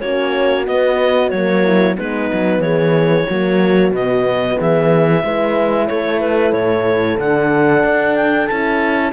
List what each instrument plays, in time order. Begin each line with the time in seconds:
0.00 cello A#3, horn C#4 F#4, clarinet C#5
0.65 horn B3, cello B3, clarinet D#5
1.30 cello F#3, horn A#3, clarinet C#5
1.63 horn E4
1.95 cello G#3, horn B3 D#4, clarinet B4
2.33 cello F#3
2.59 cello E3, horn G#4, clarinet C#5
3.28 cello F#3, horn A#3 F#4
3.91 cello B2, horn B3, clarinet D#5
4.58 cello E3, horn G#4, clarinet E5
5.24 cello G#3, horn E4 B4
5.87 cello A3, horn A4, clarinet C#5
6.20 clarinet B4
6.52 cello A2, clarinet C#5
7.18 cello D3, horn D4, clarinet F#5
7.83 cello D4
8.16 clarinet G5
8.47 cello C#4, horn E4, clarinet A5